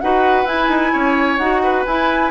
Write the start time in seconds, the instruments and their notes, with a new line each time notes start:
0.00 bassoon D#4, clarinet F#4, oboe B4, flute F#5
0.44 bassoon E4, clarinet E4, flute G#5
0.68 bassoon D#4
0.92 bassoon C#4, oboe C#5
1.37 bassoon D#4, clarinet F#4, flute F#5
1.63 oboe B4
1.85 clarinet E4, bassoon E4, flute G#5